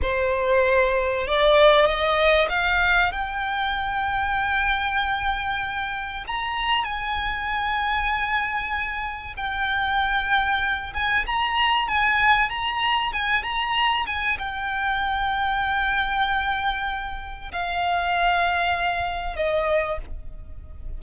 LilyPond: \new Staff \with { instrumentName = "violin" } { \time 4/4 \tempo 4 = 96 c''2 d''4 dis''4 | f''4 g''2.~ | g''2 ais''4 gis''4~ | gis''2. g''4~ |
g''4. gis''8 ais''4 gis''4 | ais''4 gis''8 ais''4 gis''8 g''4~ | g''1 | f''2. dis''4 | }